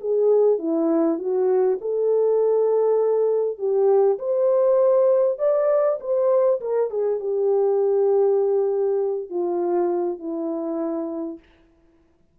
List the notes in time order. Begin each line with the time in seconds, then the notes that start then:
0.00 G#4
0.59 E4
1.18 F#4
1.81 A4
3.58 G4
4.18 C5
5.39 D5
6.00 C5
6.61 A#4
6.90 G#4
7.20 G4
9.30 F4
10.19 E4